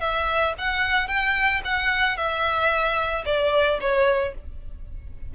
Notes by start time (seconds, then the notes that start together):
0.00 E5
0.58 F#5
1.07 G5
1.64 F#5
2.17 E5
3.25 D5
3.80 C#5